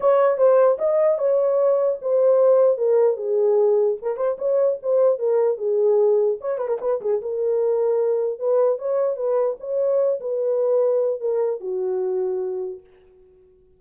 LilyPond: \new Staff \with { instrumentName = "horn" } { \time 4/4 \tempo 4 = 150 cis''4 c''4 dis''4 cis''4~ | cis''4 c''2 ais'4 | gis'2 ais'8 c''8 cis''4 | c''4 ais'4 gis'2 |
cis''8 b'16 ais'16 b'8 gis'8 ais'2~ | ais'4 b'4 cis''4 b'4 | cis''4. b'2~ b'8 | ais'4 fis'2. | }